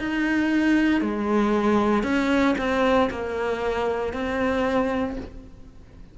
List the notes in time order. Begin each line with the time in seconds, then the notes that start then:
0.00 D#4
1.02 G#3
2.04 C#4
2.59 C4
3.11 A#3
4.14 C4